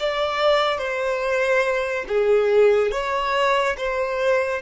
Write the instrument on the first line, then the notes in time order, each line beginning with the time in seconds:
violin
0.00 D5
0.78 C5
2.08 G#4
2.92 C#5
3.77 C5